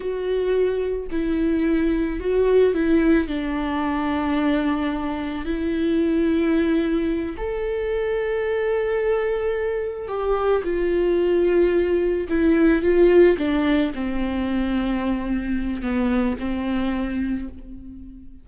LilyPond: \new Staff \with { instrumentName = "viola" } { \time 4/4 \tempo 4 = 110 fis'2 e'2 | fis'4 e'4 d'2~ | d'2 e'2~ | e'4. a'2~ a'8~ |
a'2~ a'8 g'4 f'8~ | f'2~ f'8 e'4 f'8~ | f'8 d'4 c'2~ c'8~ | c'4 b4 c'2 | }